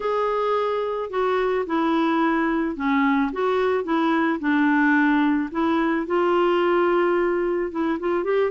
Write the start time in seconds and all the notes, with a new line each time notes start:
0.00 G#4
1.10 F#4
1.66 E4
2.75 C#4
3.32 F#4
3.84 E4
4.39 D4
5.51 E4
6.06 F4
7.71 E4
7.99 F4
8.24 G4